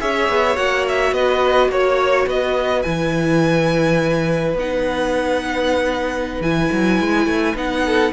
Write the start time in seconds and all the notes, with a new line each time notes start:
0.00 C#4 G#4 C#5 E5
0.29 B3
0.56 A#3 F#4 F#5
0.88 E5
1.12 B3 B4 D#5
1.69 A#3 C#5
2.26 B3 B4 D#5
2.83 E3 E4 G#5
4.54 B3 D#4 F#5
6.41 E3 E4 G#5
6.72 F#3
7.01 G#3
7.26 A3
7.55 B3 D#4 F#5
7.86 A4